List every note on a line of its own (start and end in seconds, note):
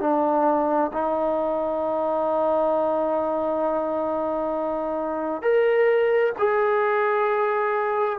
0.00 0.91 D4
0.92 5.42 D#4
5.42 6.33 A#4
6.38 8.19 G#4